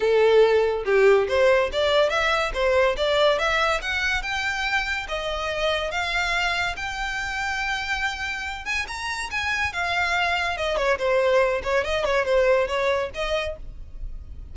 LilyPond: \new Staff \with { instrumentName = "violin" } { \time 4/4 \tempo 4 = 142 a'2 g'4 c''4 | d''4 e''4 c''4 d''4 | e''4 fis''4 g''2 | dis''2 f''2 |
g''1~ | g''8 gis''8 ais''4 gis''4 f''4~ | f''4 dis''8 cis''8 c''4. cis''8 | dis''8 cis''8 c''4 cis''4 dis''4 | }